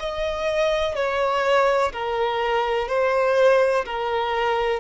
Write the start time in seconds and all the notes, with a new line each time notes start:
0.00 D#5
0.95 C#5
1.93 A#4
2.89 C5
3.86 A#4